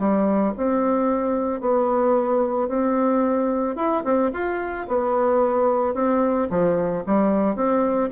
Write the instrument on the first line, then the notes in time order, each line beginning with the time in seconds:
bassoon
0.00 G3
0.57 C4
1.61 B3
2.69 C4
3.76 E4
4.04 C4
4.33 F4
4.88 B3
5.95 C4
6.50 F3
7.07 G3
7.56 C4